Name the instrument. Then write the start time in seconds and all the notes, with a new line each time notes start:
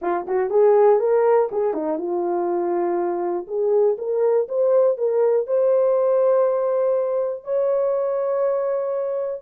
horn
0.01 F4
0.27 F#4
0.50 G#4
0.99 A#4
1.51 G#4
1.73 D#4
1.98 F4
3.47 G#4
3.97 A#4
4.48 C5
4.97 A#4
5.46 C5
7.44 C#5